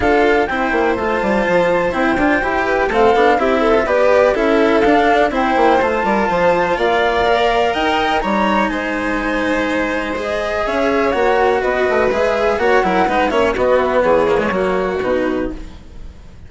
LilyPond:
<<
  \new Staff \with { instrumentName = "flute" } { \time 4/4 \tempo 4 = 124 f''4 g''4 a''2 | g''2 f''4 e''4 | d''4 e''4 f''4 g''4 | a''2 f''2 |
g''4 ais''4 gis''2~ | gis''4 dis''4 e''4 fis''4 | dis''4 e''4 fis''4. e''8 | dis''8 e''8 cis''2 b'4 | }
  \new Staff \with { instrumentName = "violin" } { \time 4/4 a'4 c''2.~ | c''4. b'8 a'4 g'8 a'8 | b'4 a'2 c''4~ | c''8 ais'8 c''4 d''2 |
dis''4 cis''4 c''2~ | c''2 cis''2 | b'2 cis''8 ais'8 b'8 cis''8 | fis'4 gis'4 fis'2 | }
  \new Staff \with { instrumentName = "cello" } { \time 4/4 f'4 e'4 f'2 | e'8 f'8 g'4 c'8 d'8 e'8. f'16 | g'4 e'4 d'4 e'4 | f'2. ais'4~ |
ais'4 dis'2.~ | dis'4 gis'2 fis'4~ | fis'4 gis'4 fis'8 e'8 dis'8 cis'8 | b4. ais16 gis16 ais4 dis'4 | }
  \new Staff \with { instrumentName = "bassoon" } { \time 4/4 d'4 c'8 ais8 a8 g8 f4 | c'8 d'8 e'4 a8 b8 c'4 | b4 cis'4 d'4 c'8 ais8 | a8 g8 f4 ais2 |
dis'4 g4 gis2~ | gis2 cis'4 ais4 | b8 a8 gis4 ais8 fis8 gis8 ais8 | b4 e4 fis4 b,4 | }
>>